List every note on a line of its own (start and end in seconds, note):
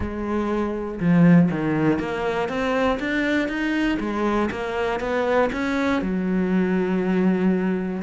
0.00 0.99 G#3
1.00 1.50 F3
1.50 1.99 D#3
1.99 2.48 A#3
2.48 2.98 C4
2.99 3.48 D4
3.48 3.98 D#4
3.99 4.49 G#3
4.50 5.00 A#3
5.00 5.50 B3
5.52 6.02 C#4
6.02 8.02 F#3